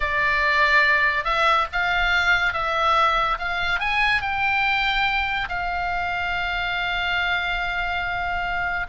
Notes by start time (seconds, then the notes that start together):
0.00 D5
1.24 E5
1.72 F5
2.53 E5
3.39 F5
3.79 G#5
4.21 G5
5.48 F5